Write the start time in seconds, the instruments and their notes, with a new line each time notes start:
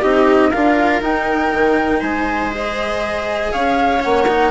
0.00 bassoon C4, cello D#4, viola G4, flute D#5
0.51 bassoon D4, cello F4, viola A#4, flute F5
1.01 bassoon D#4, cello D#4, flute G5
1.53 bassoon D#3
2.00 bassoon G#3, viola C5, flute G#5
2.52 cello G#4, flute D#5
3.52 bassoon C#4, viola C#5, flute F5
4.00 bassoon A#3, cello C#4, flute F#5
4.28 cello D#4